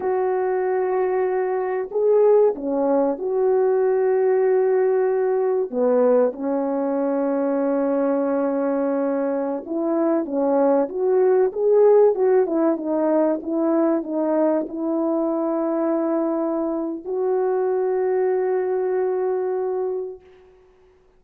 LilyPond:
\new Staff \with { instrumentName = "horn" } { \time 4/4 \tempo 4 = 95 fis'2. gis'4 | cis'4 fis'2.~ | fis'4 b4 cis'2~ | cis'2.~ cis'16 e'8.~ |
e'16 cis'4 fis'4 gis'4 fis'8 e'16~ | e'16 dis'4 e'4 dis'4 e'8.~ | e'2. fis'4~ | fis'1 | }